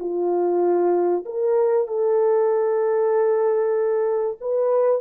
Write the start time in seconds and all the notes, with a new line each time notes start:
0.00 F4
1.26 A#4
1.88 A4
4.41 B4